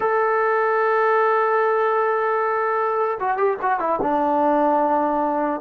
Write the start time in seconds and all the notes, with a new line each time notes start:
0.00 A4
3.19 F#4
3.37 G4
3.62 F#4
3.79 E4
4.02 D4